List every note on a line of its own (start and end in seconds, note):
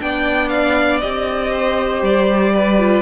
0.00 1.04 B3
0.00 1.02 D4
0.00 1.51 D5
0.00 0.49 G5
0.49 1.00 F5
1.00 2.02 C4
1.00 2.79 G4
1.00 2.02 D#5
1.51 2.53 C5
2.02 3.03 G3
2.02 3.03 D5
2.55 3.03 B4
2.79 3.03 F4